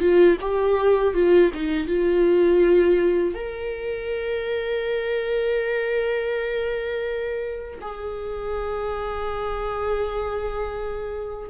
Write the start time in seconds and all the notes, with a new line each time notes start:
0.00 F4
0.41 G4
1.14 F4
1.54 D#4
1.87 F4
3.35 A#4
7.81 G#4